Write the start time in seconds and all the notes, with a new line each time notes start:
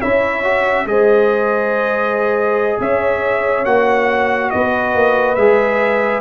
0.00 C#4 E4 C#5 E5
0.43 F#4
0.85 G#3 G#4 C5 D#5
2.79 C#4 C#5 E5
3.64 A#3 F#4 F#5
4.50 B3 B4 D#5
4.94 A#3
5.34 G#3 G#4 E5